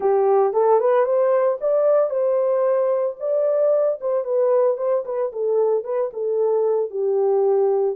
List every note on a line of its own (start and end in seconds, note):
0.00 0.53 G4
0.53 0.80 A4
0.80 1.05 B4
1.05 1.58 C5
1.60 2.09 D5
2.09 3.16 C5
3.19 3.99 D5
4.00 4.24 C5
4.24 4.77 B4
4.77 5.03 C5
5.05 5.31 B4
5.32 5.84 A4
5.84 6.10 B4
6.13 6.90 A4
6.90 7.95 G4